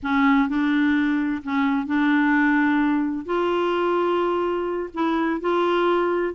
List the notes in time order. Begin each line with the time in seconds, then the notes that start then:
0.02 C#4
0.48 D4
1.43 C#4
1.86 D4
3.25 F4
4.93 E4
5.40 F4